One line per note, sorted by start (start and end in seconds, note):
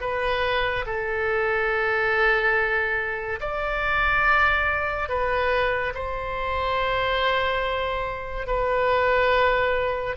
0.00 0.85 B4
0.86 3.39 A4
3.40 5.08 D5
5.08 5.93 B4
5.94 8.47 C5
8.47 10.16 B4